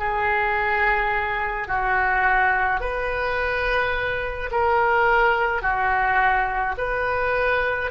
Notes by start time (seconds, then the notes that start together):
0.00 G#4
1.68 F#4
2.81 B4
4.52 A#4
5.62 F#4
6.78 B4